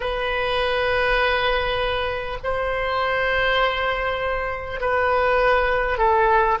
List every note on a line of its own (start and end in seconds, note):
0.00 2.37 B4
2.43 4.80 C5
4.80 5.97 B4
5.97 6.57 A4